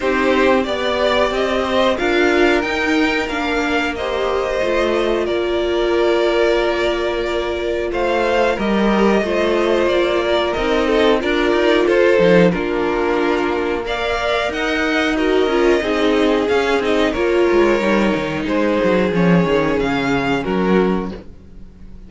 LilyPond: <<
  \new Staff \with { instrumentName = "violin" } { \time 4/4 \tempo 4 = 91 c''4 d''4 dis''4 f''4 | g''4 f''4 dis''2 | d''1 | f''4 dis''2 d''4 |
dis''4 d''4 c''4 ais'4~ | ais'4 f''4 fis''4 dis''4~ | dis''4 f''8 dis''8 cis''2 | c''4 cis''4 f''4 ais'4 | }
  \new Staff \with { instrumentName = "violin" } { \time 4/4 g'4 d''4. c''8 ais'4~ | ais'2 c''2 | ais'1 | c''4 ais'4 c''4. ais'8~ |
ais'8 a'8 ais'4 a'4 f'4~ | f'4 d''4 dis''4 ais'4 | gis'2 ais'2 | gis'2. fis'4 | }
  \new Staff \with { instrumentName = "viola" } { \time 4/4 dis'4 g'2 f'4 | dis'4 d'4 g'4 f'4~ | f'1~ | f'4 g'4 f'2 |
dis'4 f'4. dis'8 d'4~ | d'4 ais'2 fis'8 f'8 | dis'4 cis'8 dis'8 f'4 dis'4~ | dis'4 cis'2. | }
  \new Staff \with { instrumentName = "cello" } { \time 4/4 c'4 b4 c'4 d'4 | dis'4 ais2 a4 | ais1 | a4 g4 a4 ais4 |
c'4 d'8 dis'8 f'8 f8 ais4~ | ais2 dis'4. cis'8 | c'4 cis'8 c'8 ais8 gis8 g8 dis8 | gis8 fis8 f8 dis8 cis4 fis4 | }
>>